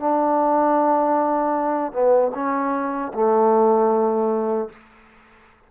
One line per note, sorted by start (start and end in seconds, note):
0.00 1.93 D4
1.93 2.32 B3
2.34 3.12 C#4
3.14 4.70 A3